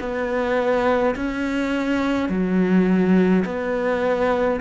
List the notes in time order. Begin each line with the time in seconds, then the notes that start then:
0.00 B3
1.16 C#4
2.29 F#3
3.46 B3